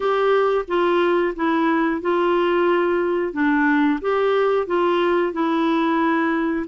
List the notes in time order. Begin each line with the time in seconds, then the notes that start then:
0.00 G4
0.67 F4
1.35 E4
2.01 F4
3.32 D4
4.01 G4
4.66 F4
5.32 E4